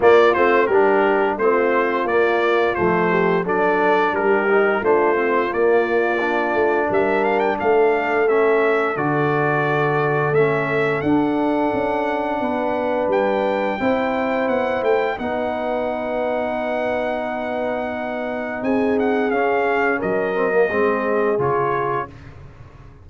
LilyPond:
<<
  \new Staff \with { instrumentName = "trumpet" } { \time 4/4 \tempo 4 = 87 d''8 c''8 ais'4 c''4 d''4 | c''4 d''4 ais'4 c''4 | d''2 e''8 f''16 g''16 f''4 | e''4 d''2 e''4 |
fis''2. g''4~ | g''4 fis''8 g''8 fis''2~ | fis''2. gis''8 fis''8 | f''4 dis''2 cis''4 | }
  \new Staff \with { instrumentName = "horn" } { \time 4/4 f'4 g'4 f'2~ | f'8 g'8 a'4 g'4 f'4~ | f'2 ais'4 a'4~ | a'1~ |
a'2 b'2 | c''2 b'2~ | b'2. gis'4~ | gis'4 ais'4 gis'2 | }
  \new Staff \with { instrumentName = "trombone" } { \time 4/4 ais8 c'8 d'4 c'4 ais4 | a4 d'4. dis'8 d'8 c'8 | ais4 d'2. | cis'4 fis'2 cis'4 |
d'1 | e'2 dis'2~ | dis'1 | cis'4. c'16 ais16 c'4 f'4 | }
  \new Staff \with { instrumentName = "tuba" } { \time 4/4 ais8 a8 g4 a4 ais4 | f4 fis4 g4 a4 | ais4. a8 g4 a4~ | a4 d2 a4 |
d'4 cis'4 b4 g4 | c'4 b8 a8 b2~ | b2. c'4 | cis'4 fis4 gis4 cis4 | }
>>